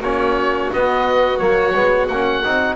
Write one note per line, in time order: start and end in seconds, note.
0.00 0.69 A#3
0.00 0.73 C#4
0.00 2.75 F#4
0.00 0.72 C#5
0.72 1.39 B3
0.72 1.38 B3
0.72 1.38 D#5
1.38 1.74 F#3
1.38 1.73 A#3
1.38 2.07 C#5
1.74 2.08 G#3
1.74 2.09 B3
2.07 2.43 A#3
2.07 2.43 C#4
2.07 2.75 F#5
2.43 2.75 C4
2.43 2.75 D#4